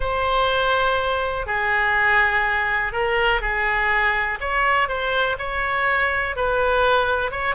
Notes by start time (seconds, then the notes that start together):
0.00 C5
1.46 G#4
2.92 A#4
3.41 G#4
4.40 C#5
4.88 C5
5.38 C#5
6.36 B4
7.31 C#5